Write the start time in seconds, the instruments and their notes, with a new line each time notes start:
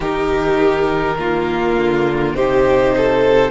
0.00 cello D#3, viola D#4, violin G4 A#4
1.18 viola A#3, violin F4
1.76 cello D3
2.34 cello C3, viola D#4, violin G4 C5
2.97 violin A4